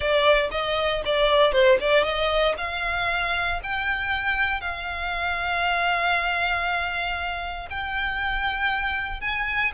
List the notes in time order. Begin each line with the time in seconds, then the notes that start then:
0.00 D5
0.51 D#5
1.05 D5
1.52 C5
1.80 D5
2.03 D#5
2.57 F5
3.63 G5
4.60 F5
7.70 G5
9.20 G#5